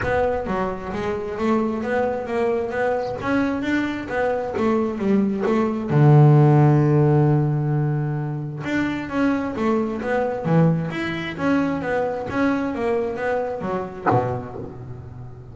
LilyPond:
\new Staff \with { instrumentName = "double bass" } { \time 4/4 \tempo 4 = 132 b4 fis4 gis4 a4 | b4 ais4 b4 cis'4 | d'4 b4 a4 g4 | a4 d2.~ |
d2. d'4 | cis'4 a4 b4 e4 | e'4 cis'4 b4 cis'4 | ais4 b4 fis4 b,4 | }